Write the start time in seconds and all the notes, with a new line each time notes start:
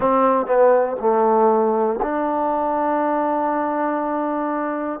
0.00 C4
0.46 B3
1.00 A3
2.02 D4